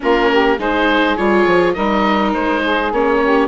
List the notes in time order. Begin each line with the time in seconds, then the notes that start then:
0.00 A#3 C#4 F4 A#4
0.31 G4
0.57 G#3 D#4 G#4 C5
1.16 G3 F4 C#5
1.46 F3
1.73 G3 D#4 A#4 D#5
2.33 G#3 C5
2.61 G#4
2.91 A#3 C#4 C#5
3.22 G4